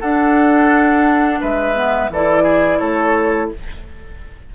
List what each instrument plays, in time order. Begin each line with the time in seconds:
0.00 bassoon D4, clarinet D4, oboe A4, flute F#5
1.40 bassoon G#3, oboe B4, flute E5
1.74 clarinet B3
2.09 bassoon E3, oboe A4, flute D5
2.15 clarinet E4
2.43 oboe G#4
2.79 bassoon A3, oboe A4, flute C#5